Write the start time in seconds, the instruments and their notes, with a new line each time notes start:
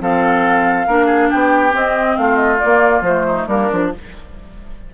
0.00 bassoon F3, clarinet C4, oboe A4, flute F5
0.87 bassoon A#3, clarinet D4, oboe A#4
1.06 oboe G#4
1.30 bassoon B3, oboe G4, flute G5
1.71 clarinet C4, bassoon C4, flute D#5
2.17 bassoon A3, oboe F4, flute F5
2.36 flute D#5
2.59 clarinet A#3, bassoon A#3, flute D5
3.01 bassoon F3, clarinet A3, flute C5
3.26 oboe D#4
3.47 bassoon G3, clarinet A#3, oboe D4, flute A#4
3.71 bassoon F3, clarinet D4